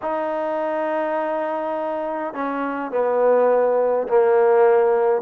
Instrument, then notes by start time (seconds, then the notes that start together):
trombone
0.02 D#4
2.34 C#4
2.91 B3
4.08 A#3